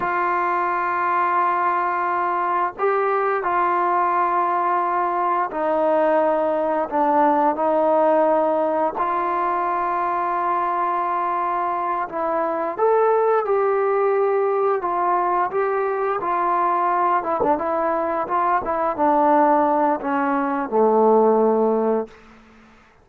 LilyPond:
\new Staff \with { instrumentName = "trombone" } { \time 4/4 \tempo 4 = 87 f'1 | g'4 f'2. | dis'2 d'4 dis'4~ | dis'4 f'2.~ |
f'4. e'4 a'4 g'8~ | g'4. f'4 g'4 f'8~ | f'4 e'16 d'16 e'4 f'8 e'8 d'8~ | d'4 cis'4 a2 | }